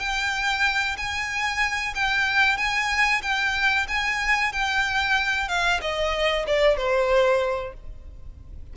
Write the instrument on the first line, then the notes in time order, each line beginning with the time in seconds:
violin
0.00 G5
0.97 G#5
1.95 G5
2.57 G#5
3.22 G5
3.88 G#5
4.52 G5
5.48 F5
5.82 D#5
6.47 D5
6.77 C5